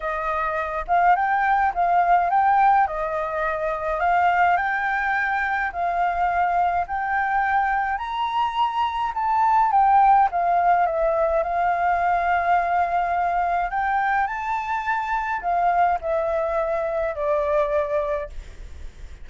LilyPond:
\new Staff \with { instrumentName = "flute" } { \time 4/4 \tempo 4 = 105 dis''4. f''8 g''4 f''4 | g''4 dis''2 f''4 | g''2 f''2 | g''2 ais''2 |
a''4 g''4 f''4 e''4 | f''1 | g''4 a''2 f''4 | e''2 d''2 | }